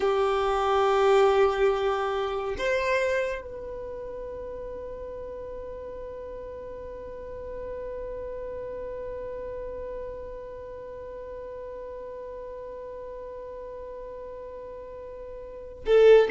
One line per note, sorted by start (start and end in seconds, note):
0.00 2.56 G4
2.58 3.41 C5
3.41 15.84 B4
15.86 16.29 A4